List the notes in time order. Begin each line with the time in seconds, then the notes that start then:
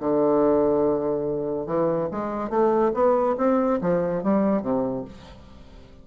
0.00 D3
1.66 E3
2.11 G#3
2.49 A3
2.94 B3
3.38 C4
3.81 F3
4.23 G3
4.62 C3